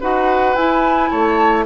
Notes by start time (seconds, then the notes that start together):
0.00 D#4 F#4 B4 F#5
0.55 E4 G#5
1.10 A3 C#5 A5